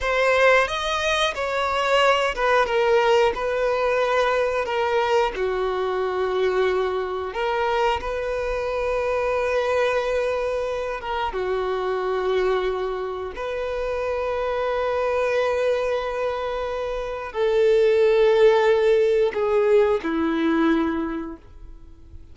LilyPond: \new Staff \with { instrumentName = "violin" } { \time 4/4 \tempo 4 = 90 c''4 dis''4 cis''4. b'8 | ais'4 b'2 ais'4 | fis'2. ais'4 | b'1~ |
b'8 ais'8 fis'2. | b'1~ | b'2 a'2~ | a'4 gis'4 e'2 | }